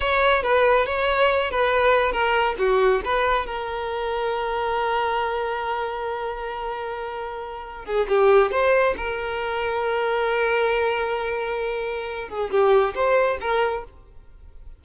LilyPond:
\new Staff \with { instrumentName = "violin" } { \time 4/4 \tempo 4 = 139 cis''4 b'4 cis''4. b'8~ | b'4 ais'4 fis'4 b'4 | ais'1~ | ais'1~ |
ais'2~ ais'16 gis'8 g'4 c''16~ | c''8. ais'2.~ ais'16~ | ais'1~ | ais'8 gis'8 g'4 c''4 ais'4 | }